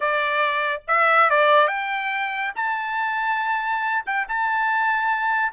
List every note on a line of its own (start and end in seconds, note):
0.00 0.81 D5
0.87 1.30 E5
1.30 1.67 D5
1.67 2.52 G5
2.55 4.04 A5
4.06 4.27 G5
4.28 5.52 A5